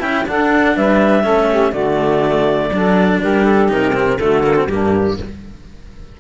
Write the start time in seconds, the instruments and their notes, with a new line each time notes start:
0.00 cello C#4 E4, saxophone E5, clarinet G5
0.26 cello D4, saxophone A4, clarinet F#5
0.75 cello G3, saxophone B4, clarinet E5
1.22 cello A3 C#4, saxophone A4
1.50 saxophone G4
1.71 cello D3 A3, saxophone F#4, clarinet D5
2.70 cello F#3 D4, saxophone A4
3.20 cello G3, saxophone G4, clarinet A#4
3.45 clarinet A4
3.69 cello C3 D#4, clarinet A#4
3.94 cello C4
4.19 cello D3 A3, saxophone F#4, clarinet A4
4.44 cello A#3
4.56 cello C4
4.66 cello G2 A#3, saxophone D4, clarinet G4